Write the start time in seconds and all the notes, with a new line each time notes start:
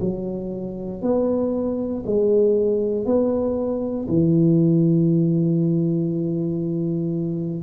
0.00 F#3
1.01 B3
2.05 G#3
3.05 B3
4.08 E3